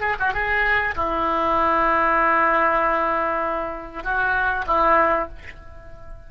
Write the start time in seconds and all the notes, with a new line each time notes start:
0.00 G#4
0.19 F#4
0.33 G#4
0.95 E4
4.03 F#4
4.67 E4